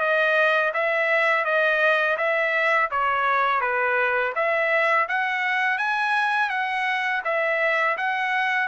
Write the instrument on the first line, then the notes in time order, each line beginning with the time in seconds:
trumpet
0.00 D#5
0.74 E5
1.45 D#5
2.17 E5
2.91 C#5
3.61 B4
4.35 E5
5.08 F#5
5.78 G#5
6.50 F#5
7.25 E5
7.97 F#5